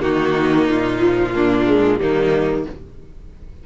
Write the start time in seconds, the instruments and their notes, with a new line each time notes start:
0.00 cello D#3, viola A#3, violin D#4 F#4
0.69 cello A#2, violin F4
1.00 viola F3
1.34 viola A#3, violin D4
1.66 viola G#3
1.97 cello D#3, viola G3, violin A#3 D#4